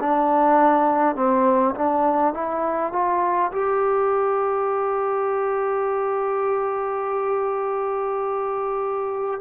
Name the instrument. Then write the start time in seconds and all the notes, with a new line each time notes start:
trombone
0.00 D4
1.16 C4
1.75 D4
2.34 E4
2.93 F4
3.52 G4